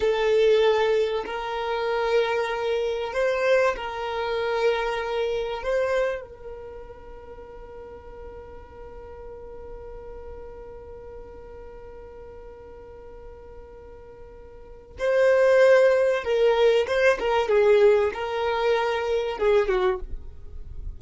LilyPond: \new Staff \with { instrumentName = "violin" } { \time 4/4 \tempo 4 = 96 a'2 ais'2~ | ais'4 c''4 ais'2~ | ais'4 c''4 ais'2~ | ais'1~ |
ais'1~ | ais'1 | c''2 ais'4 c''8 ais'8 | gis'4 ais'2 gis'8 fis'8 | }